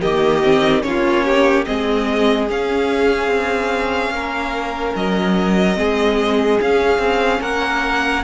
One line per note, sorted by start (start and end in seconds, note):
0.00 0.84 D#3
0.00 0.42 A#3
0.00 0.82 G4
0.00 0.82 D#5
0.43 0.82 C4
0.82 1.66 A#3
0.82 1.64 C#4
0.82 1.24 F4
0.82 1.64 C#5
1.24 1.65 G4
1.65 2.49 G#3
1.65 2.47 C4
1.65 4.13 G#4
1.65 2.47 D#5
2.48 5.74 C#4
2.48 3.27 C#4
2.48 4.96 F5
3.27 4.09 C4
4.09 4.92 A#3
4.09 5.78 A#4
4.95 5.77 F#3
4.95 6.60 D#5
5.74 6.59 G#3
5.74 6.56 C4
5.74 7.41 G#4
6.60 6.98 C#4
6.60 8.23 C#4
6.60 7.41 F5
6.98 7.39 C4
7.41 8.23 A#3
7.41 8.23 A#4
7.41 8.23 F#5